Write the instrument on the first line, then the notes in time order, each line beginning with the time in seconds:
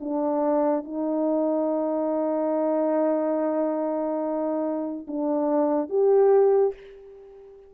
horn
0.00 D4
0.85 D#4
5.07 D4
5.90 G4